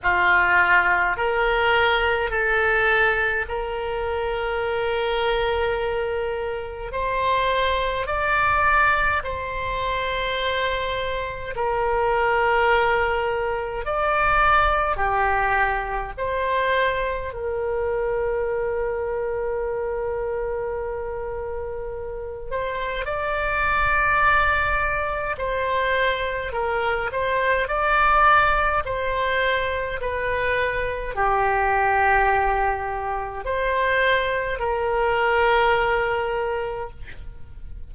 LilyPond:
\new Staff \with { instrumentName = "oboe" } { \time 4/4 \tempo 4 = 52 f'4 ais'4 a'4 ais'4~ | ais'2 c''4 d''4 | c''2 ais'2 | d''4 g'4 c''4 ais'4~ |
ais'2.~ ais'8 c''8 | d''2 c''4 ais'8 c''8 | d''4 c''4 b'4 g'4~ | g'4 c''4 ais'2 | }